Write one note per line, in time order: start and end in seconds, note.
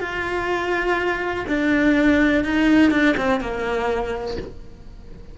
0.00 1.45 F4
1.48 2.44 D4
2.44 2.91 D#4
2.91 3.15 D4
3.17 3.40 C4
3.40 4.37 A#3